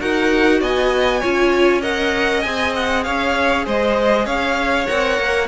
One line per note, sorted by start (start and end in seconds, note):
0.00 0.62 D#4
0.00 1.22 F#4
0.00 0.61 A#4
0.00 0.62 F#5
0.61 1.23 B3
0.61 1.21 D#5
0.61 1.83 G#5
1.21 2.46 C#4
1.21 1.83 F4
1.21 1.82 C#5
1.82 2.44 A#4
1.82 3.04 D#5
1.82 2.43 F#5
2.43 3.07 C4
2.43 4.87 G#4
2.43 2.73 G#5
2.76 3.04 F#5
3.04 3.67 C#4
3.04 3.66 C#5
3.04 3.65 F5
3.67 4.26 G#3
3.67 4.26 C5
3.67 4.27 D#5
4.26 4.87 C#4
4.26 5.49 C#5
4.26 4.87 F5
4.87 5.19 C4
4.87 5.48 A#4
4.87 5.49 F#5
5.19 5.49 A#3